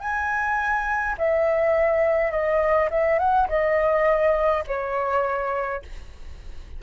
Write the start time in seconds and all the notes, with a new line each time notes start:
0.00 G#5
1.17 E5
2.31 D#5
2.90 E5
3.18 F#5
3.48 D#5
4.67 C#5